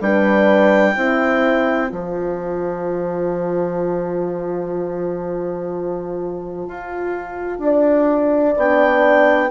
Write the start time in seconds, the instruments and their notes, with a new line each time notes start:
0.00 bassoon G3, horn D4 B4, clarinet G5
0.93 bassoon C4, horn E4 C5
1.88 bassoon F3, horn F4, clarinet A5
6.67 bassoon F4
7.59 bassoon D4, horn D5
8.55 bassoon B3, horn D4, clarinet G5